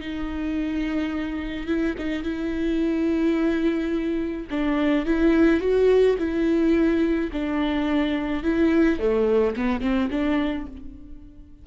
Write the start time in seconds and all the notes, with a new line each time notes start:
0.00 D#4
1.66 E4
1.98 D#4
2.23 E4
4.50 D4
5.05 E4
5.60 F#4
6.18 E4
7.32 D4
8.43 E4
8.99 A3
9.56 B3
9.81 C4
10.10 D4